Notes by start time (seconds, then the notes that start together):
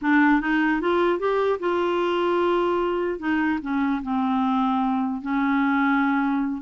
0.01 D4
0.41 D#4
0.80 F4
1.19 G4
1.59 F4
3.19 D#4
3.62 C#4
4.02 C4
5.21 C#4